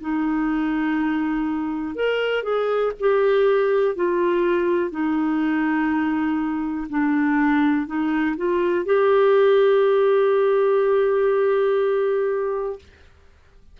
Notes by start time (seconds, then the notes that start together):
0.00 D#4
1.94 A#4
2.43 G#4
3.00 G4
3.95 F4
4.90 D#4
6.89 D4
7.86 D#4
8.37 F4
8.85 G4